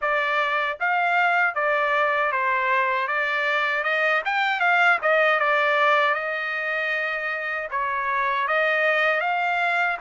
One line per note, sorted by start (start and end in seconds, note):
0.01 0.78 D5
0.80 1.55 F5
1.55 2.31 D5
2.31 3.07 C5
3.07 3.83 D5
3.83 4.22 D#5
4.25 4.59 G5
4.59 4.98 F5
5.02 5.39 D#5
5.39 6.14 D5
6.14 7.68 D#5
7.71 8.47 C#5
8.47 9.20 D#5
9.20 9.97 F5